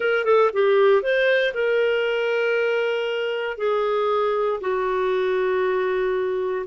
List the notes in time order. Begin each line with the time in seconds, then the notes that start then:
0.00 A#4
0.24 A4
0.53 G4
1.02 C5
1.54 A#4
3.57 G#4
4.60 F#4